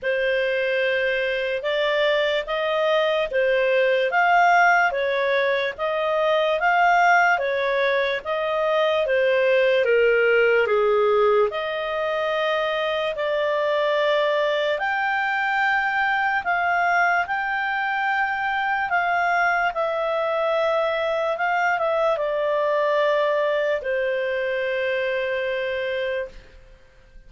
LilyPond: \new Staff \with { instrumentName = "clarinet" } { \time 4/4 \tempo 4 = 73 c''2 d''4 dis''4 | c''4 f''4 cis''4 dis''4 | f''4 cis''4 dis''4 c''4 | ais'4 gis'4 dis''2 |
d''2 g''2 | f''4 g''2 f''4 | e''2 f''8 e''8 d''4~ | d''4 c''2. | }